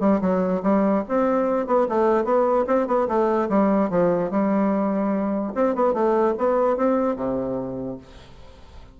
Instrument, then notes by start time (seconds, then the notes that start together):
bassoon
0.00 G3
0.21 F#3
0.63 G3
1.08 C4
1.67 B3
1.89 A3
2.24 B3
2.67 C4
2.87 B3
3.08 A3
3.49 G3
3.90 F3
4.31 G3
5.55 C4
5.75 B3
5.93 A3
6.38 B3
6.77 C4
7.16 C3